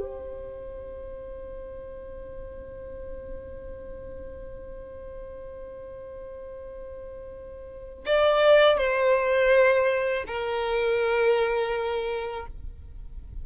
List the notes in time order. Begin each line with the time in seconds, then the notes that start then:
0.00 C5
8.06 D5
8.78 C5
10.27 A#4